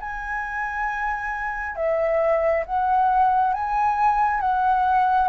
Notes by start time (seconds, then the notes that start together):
0.00 G#5
1.76 E5
2.66 F#5
3.53 G#5
4.40 F#5